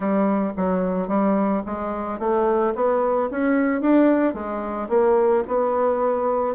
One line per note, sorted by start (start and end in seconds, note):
0.00 0.52 G3
0.57 1.08 F#3
1.08 1.62 G3
1.66 2.19 G#3
2.19 2.73 A3
2.75 3.29 B3
3.30 3.81 C#4
3.81 4.34 D4
4.34 4.88 G#3
4.88 5.43 A#3
5.47 6.54 B3